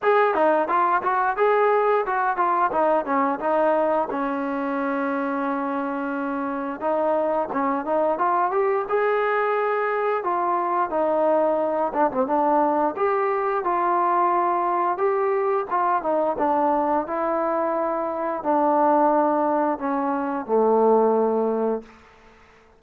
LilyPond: \new Staff \with { instrumentName = "trombone" } { \time 4/4 \tempo 4 = 88 gis'8 dis'8 f'8 fis'8 gis'4 fis'8 f'8 | dis'8 cis'8 dis'4 cis'2~ | cis'2 dis'4 cis'8 dis'8 | f'8 g'8 gis'2 f'4 |
dis'4. d'16 c'16 d'4 g'4 | f'2 g'4 f'8 dis'8 | d'4 e'2 d'4~ | d'4 cis'4 a2 | }